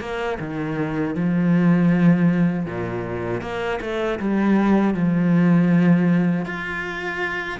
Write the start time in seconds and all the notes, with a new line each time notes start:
0.00 A#3
0.40 D#3
1.15 F3
2.66 A#2
3.41 A#3
3.81 A3
4.19 G3
4.94 F3
6.46 F4